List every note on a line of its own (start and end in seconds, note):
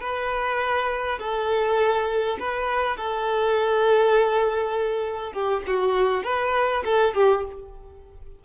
0.00 1.19 B4
1.19 2.37 A4
2.39 2.96 B4
2.96 5.32 A4
5.32 5.62 G4
5.66 6.23 F#4
6.23 6.83 B4
6.85 7.14 A4
7.14 7.44 G4